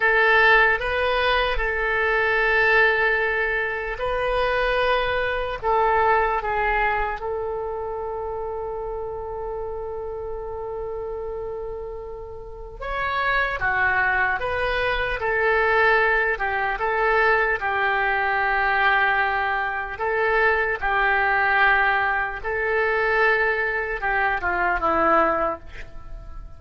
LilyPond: \new Staff \with { instrumentName = "oboe" } { \time 4/4 \tempo 4 = 75 a'4 b'4 a'2~ | a'4 b'2 a'4 | gis'4 a'2.~ | a'1 |
cis''4 fis'4 b'4 a'4~ | a'8 g'8 a'4 g'2~ | g'4 a'4 g'2 | a'2 g'8 f'8 e'4 | }